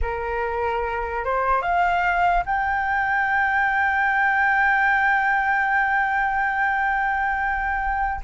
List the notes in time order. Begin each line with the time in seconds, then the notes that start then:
0.01 A#4
1.24 C5
1.62 F5
2.45 G5